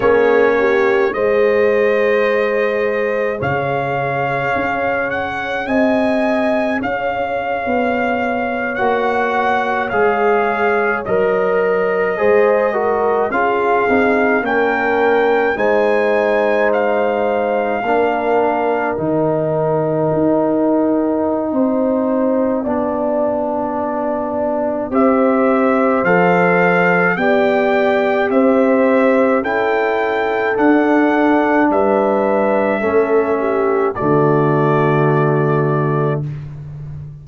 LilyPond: <<
  \new Staff \with { instrumentName = "trumpet" } { \time 4/4 \tempo 4 = 53 cis''4 dis''2 f''4~ | f''8 fis''8 gis''4 f''4.~ f''16 fis''16~ | fis''8. f''4 dis''2 f''16~ | f''8. g''4 gis''4 f''4~ f''16~ |
f''8. g''2.~ g''16~ | g''2 e''4 f''4 | g''4 e''4 g''4 fis''4 | e''2 d''2 | }
  \new Staff \with { instrumentName = "horn" } { \time 4/4 gis'8 g'8 c''2 cis''4~ | cis''4 dis''4 cis''2~ | cis''2~ cis''8. c''8 ais'8 gis'16~ | gis'8. ais'4 c''2 ais'16~ |
ais'2. c''4 | d''2 c''2 | d''4 c''4 a'2 | b'4 a'8 g'8 fis'2 | }
  \new Staff \with { instrumentName = "trombone" } { \time 4/4 cis'4 gis'2.~ | gis'2.~ gis'8. fis'16~ | fis'8. gis'4 ais'4 gis'8 fis'8 f'16~ | f'16 dis'8 cis'4 dis'2 d'16~ |
d'8. dis'2.~ dis'16 | d'2 g'4 a'4 | g'2 e'4 d'4~ | d'4 cis'4 a2 | }
  \new Staff \with { instrumentName = "tuba" } { \time 4/4 ais4 gis2 cis4 | cis'4 c'4 cis'8. b4 ais16~ | ais8. gis4 fis4 gis4 cis'16~ | cis'16 c'8 ais4 gis2 ais16~ |
ais8. dis4 dis'4~ dis'16 c'4 | b2 c'4 f4 | b4 c'4 cis'4 d'4 | g4 a4 d2 | }
>>